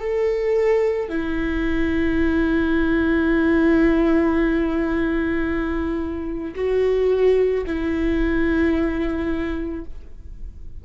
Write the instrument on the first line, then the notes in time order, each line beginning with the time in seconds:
viola
0.00 A4
1.09 E4
6.56 F#4
7.67 E4